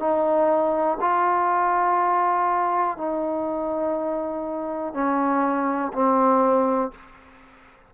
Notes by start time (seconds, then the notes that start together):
0.00 D#4
1.01 F4
2.98 D#4
4.94 C#4
5.93 C4